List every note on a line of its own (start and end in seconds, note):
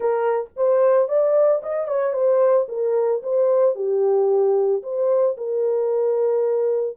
0.00 0.49 A#4
0.56 1.08 C5
1.08 1.61 D5
1.62 1.87 D#5
1.87 2.13 C#5
2.13 2.66 C5
2.68 3.21 A#4
3.22 3.75 C5
3.75 4.82 G4
4.82 5.36 C5
5.37 6.96 A#4